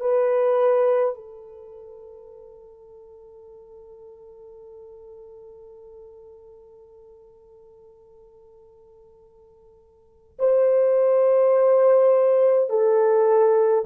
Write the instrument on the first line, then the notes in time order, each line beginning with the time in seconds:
horn
0.00 B4
1.15 A4
10.39 C5
12.70 A4